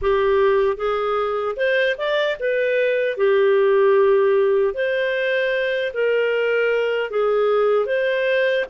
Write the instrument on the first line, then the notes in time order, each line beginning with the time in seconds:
clarinet
0.01 G4
0.76 G#4
1.56 C5
1.97 D5
2.39 B4
3.17 G4
4.74 C5
5.93 A#4
7.10 G#4
7.86 C5